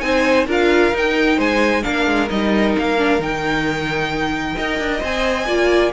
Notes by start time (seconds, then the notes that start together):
0.00 C4 D#4 C5 G#5
0.47 D4 F4 A#4 F5
0.93 D#4 G5
1.37 G#3 C5 G#5
1.82 A#3 D4 A#4 F5
2.06 G#3
2.30 G3 D#4 D#5
2.78 A#3 F5
2.97 D4
3.19 D#3 D#4 G5
4.56 D#4 A#4 D#5
4.79 D4
5.00 C4 C5 G#5
5.46 A#3 F4 D5